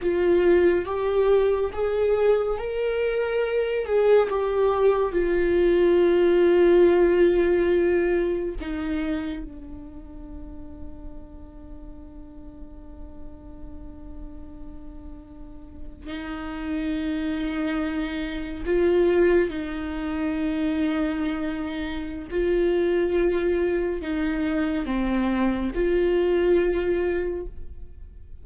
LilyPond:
\new Staff \with { instrumentName = "viola" } { \time 4/4 \tempo 4 = 70 f'4 g'4 gis'4 ais'4~ | ais'8 gis'8 g'4 f'2~ | f'2 dis'4 d'4~ | d'1~ |
d'2~ d'8. dis'4~ dis'16~ | dis'4.~ dis'16 f'4 dis'4~ dis'16~ | dis'2 f'2 | dis'4 c'4 f'2 | }